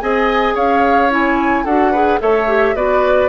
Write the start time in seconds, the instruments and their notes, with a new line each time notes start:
0.00 bassoon C4, clarinet G#4, oboe D#5, flute G#5
0.54 bassoon C#4, oboe C#5, flute F5
1.10 clarinet E4, flute G#5
1.64 bassoon D4, clarinet F#4, oboe A4, flute F#5
1.91 clarinet G#4, oboe B4
2.20 bassoon A3, clarinet A4, oboe C#5, flute E5
2.48 clarinet G4
2.75 bassoon B3, clarinet F#4, oboe B4, flute D5